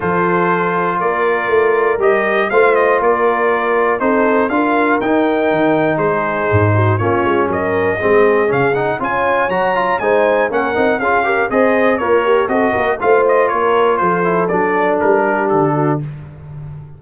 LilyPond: <<
  \new Staff \with { instrumentName = "trumpet" } { \time 4/4 \tempo 4 = 120 c''2 d''2 | dis''4 f''8 dis''8 d''2 | c''4 f''4 g''2 | c''2 cis''4 dis''4~ |
dis''4 f''8 fis''8 gis''4 ais''4 | gis''4 fis''4 f''4 dis''4 | cis''4 dis''4 f''8 dis''8 cis''4 | c''4 d''4 ais'4 a'4 | }
  \new Staff \with { instrumentName = "horn" } { \time 4/4 a'2 ais'2~ | ais'4 c''4 ais'2 | a'4 ais'2. | gis'4. fis'8 f'4 ais'4 |
gis'2 cis''2 | c''4 ais'4 gis'8 ais'8 c''4 | f'8 g'8 a'8 ais'8 c''4 ais'4 | a'2~ a'8 g'4 fis'8 | }
  \new Staff \with { instrumentName = "trombone" } { \time 4/4 f'1 | g'4 f'2. | dis'4 f'4 dis'2~ | dis'2 cis'2 |
c'4 cis'8 dis'8 f'4 fis'8 f'8 | dis'4 cis'8 dis'8 f'8 g'8 gis'4 | ais'4 fis'4 f'2~ | f'8 e'8 d'2. | }
  \new Staff \with { instrumentName = "tuba" } { \time 4/4 f2 ais4 a4 | g4 a4 ais2 | c'4 d'4 dis'4 dis4 | gis4 gis,4 ais8 gis8 fis4 |
gis4 cis4 cis'4 fis4 | gis4 ais8 c'8 cis'4 c'4 | ais4 c'8 ais8 a4 ais4 | f4 fis4 g4 d4 | }
>>